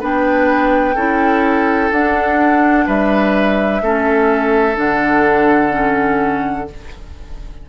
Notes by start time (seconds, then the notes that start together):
0.00 B3 D4 B4 G5
0.95 C#4 E4 A4
1.91 D4 F#5
2.87 G3 B4 E5
3.81 A3 C#4 A4
4.75 D3 D4 F#5
5.70 C#4